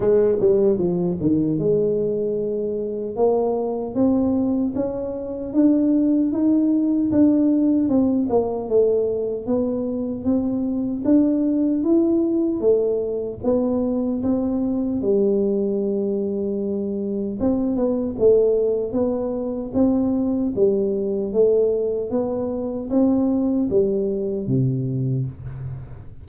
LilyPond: \new Staff \with { instrumentName = "tuba" } { \time 4/4 \tempo 4 = 76 gis8 g8 f8 dis8 gis2 | ais4 c'4 cis'4 d'4 | dis'4 d'4 c'8 ais8 a4 | b4 c'4 d'4 e'4 |
a4 b4 c'4 g4~ | g2 c'8 b8 a4 | b4 c'4 g4 a4 | b4 c'4 g4 c4 | }